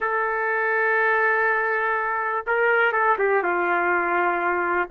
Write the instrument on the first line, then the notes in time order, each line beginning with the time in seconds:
trumpet
0.00 A4
2.46 A#4
2.92 A4
3.18 G4
3.43 F4